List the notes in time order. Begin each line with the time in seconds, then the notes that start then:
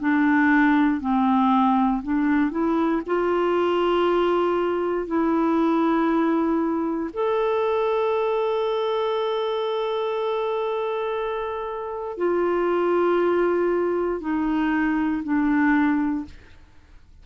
0.00 D4
1.00 C4
2.03 D4
2.51 E4
3.06 F4
5.07 E4
7.13 A4
12.18 F4
14.21 D#4
15.24 D4